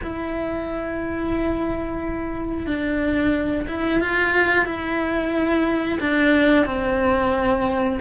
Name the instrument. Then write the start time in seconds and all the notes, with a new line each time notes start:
cello
0.03 E4
2.66 D4
3.67 E4
4.00 F4
4.65 E4
5.99 D4
6.65 C4